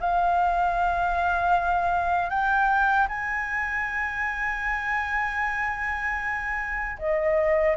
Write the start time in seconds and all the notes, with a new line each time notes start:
0.00 F5
2.29 G5
3.08 G#5
6.98 D#5